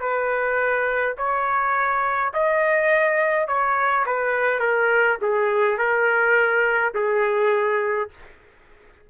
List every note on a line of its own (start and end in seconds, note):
0.00 1.15 B4
1.17 2.33 C#5
2.34 3.47 D#5
3.47 4.05 C#5
4.06 4.59 B4
4.59 5.17 A#4
5.21 5.78 G#4
5.78 6.93 A#4
6.94 8.10 G#4